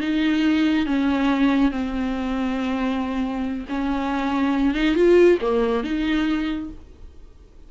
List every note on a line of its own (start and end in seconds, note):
0.00 0.85 D#4
0.85 1.71 C#4
1.71 3.65 C4
3.68 4.74 C#4
4.74 4.95 D#4
4.95 5.38 F4
5.41 5.83 A#3
5.83 6.69 D#4